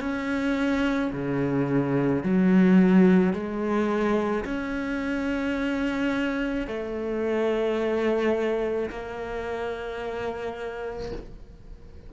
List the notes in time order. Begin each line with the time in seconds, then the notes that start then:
0.00 C#4
1.12 C#3
2.23 F#3
3.33 G#3
4.44 C#4
6.67 A3
8.89 A#3